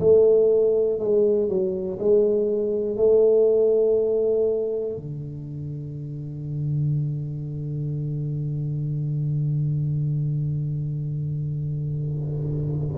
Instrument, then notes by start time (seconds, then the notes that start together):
tuba
0.00 A3
1.00 G#3
1.49 F#3
2.00 G#3
2.97 A3
4.96 D3